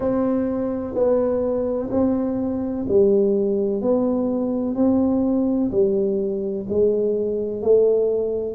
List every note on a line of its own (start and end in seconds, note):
0.00 0.94 C4
0.94 1.89 B3
1.90 2.86 C4
2.88 3.81 G3
3.81 4.75 B3
4.75 5.70 C4
5.71 6.66 G3
6.69 7.62 G#3
7.62 8.55 A3